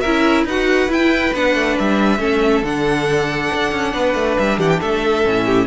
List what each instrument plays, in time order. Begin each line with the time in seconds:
0.00 cello C#4, viola E4, violin A#4 E5
0.44 cello D#4, viola F#4, violin B4 F#5
0.87 cello E4, viola E4, violin G5
1.33 cello B3, viola D4, violin F#5
1.54 cello A3
1.78 cello G3, violin E5
2.18 cello A3, viola C#4, violin A4
2.63 cello D3, viola D4, violin F#5
3.53 cello D4
3.71 cello C#4
3.93 cello B3, violin B4
4.14 cello A3
4.37 cello G3, violin E5
4.57 cello E3, violin G4 F#5
4.69 violin G5
4.81 cello A3, violin A4 E5
5.24 cello A2, viola C#4
5.45 violin G4